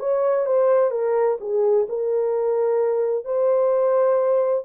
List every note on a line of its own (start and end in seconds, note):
0.00 0.46 C#5
0.46 0.91 C5
0.91 1.38 A#4
1.40 1.87 G#4
1.89 3.25 A#4
3.25 4.64 C5